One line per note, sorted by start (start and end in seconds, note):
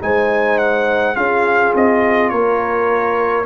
0.00 1.16 G#3
0.00 1.15 D#4
0.00 1.17 C5
0.00 0.58 G#5
0.58 1.15 F#5
1.15 1.74 C#4
1.15 3.45 F4
1.15 2.31 G#4
1.15 1.73 F5
1.74 2.31 C4
1.74 2.29 D#5
2.29 3.45 A#3
2.29 3.45 A#4
2.29 3.45 C#5